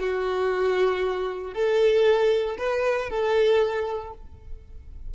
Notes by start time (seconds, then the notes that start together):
0.00 F#4
1.54 A4
2.58 B4
3.10 A4